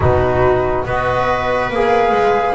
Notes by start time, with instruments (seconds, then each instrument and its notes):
0.00 double bass B2, trombone D#4, viola F#4, flute B4
0.85 double bass B3, trombone F#4, viola B4, flute D#5
1.69 double bass A#3, trombone G#4, flute F5
2.11 double bass G#3